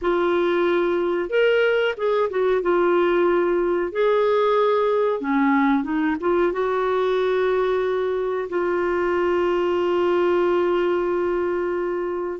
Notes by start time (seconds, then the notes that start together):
0.01 F4
1.29 A#4
1.97 G#4
2.30 F#4
2.61 F4
3.91 G#4
5.20 C#4
5.83 D#4
6.20 F4
6.52 F#4
8.49 F4